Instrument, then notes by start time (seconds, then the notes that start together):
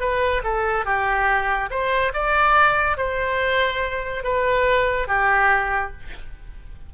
oboe
0.00 B4
0.44 A4
0.85 G4
1.70 C5
2.14 D5
2.97 C5
4.24 B4
5.07 G4